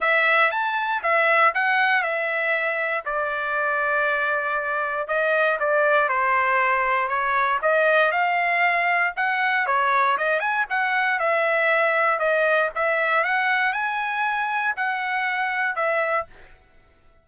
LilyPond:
\new Staff \with { instrumentName = "trumpet" } { \time 4/4 \tempo 4 = 118 e''4 a''4 e''4 fis''4 | e''2 d''2~ | d''2 dis''4 d''4 | c''2 cis''4 dis''4 |
f''2 fis''4 cis''4 | dis''8 gis''8 fis''4 e''2 | dis''4 e''4 fis''4 gis''4~ | gis''4 fis''2 e''4 | }